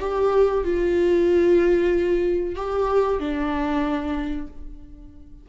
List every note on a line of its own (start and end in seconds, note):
0.00 0.64 G4
0.64 2.55 F4
2.56 3.19 G4
3.19 4.47 D4